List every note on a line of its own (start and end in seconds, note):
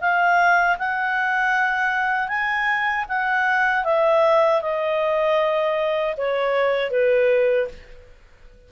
0.00 0.77 F5
0.78 2.28 F#5
2.28 3.05 G#5
3.08 3.84 F#5
3.84 4.61 E5
4.61 6.15 D#5
6.17 6.90 C#5
6.90 7.67 B4